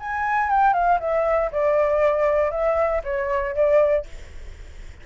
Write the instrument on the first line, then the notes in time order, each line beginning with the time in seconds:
flute
0.00 G#5
0.50 G5
0.74 F5
1.00 E5
1.52 D5
2.51 E5
3.04 C#5
3.55 D5